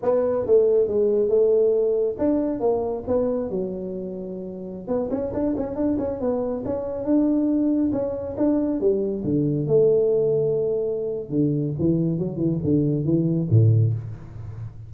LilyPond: \new Staff \with { instrumentName = "tuba" } { \time 4/4 \tempo 4 = 138 b4 a4 gis4 a4~ | a4 d'4 ais4 b4 | fis2.~ fis16 b8 cis'16~ | cis'16 d'8 cis'8 d'8 cis'8 b4 cis'8.~ |
cis'16 d'2 cis'4 d'8.~ | d'16 g4 d4 a4.~ a16~ | a2 d4 e4 | fis8 e8 d4 e4 a,4 | }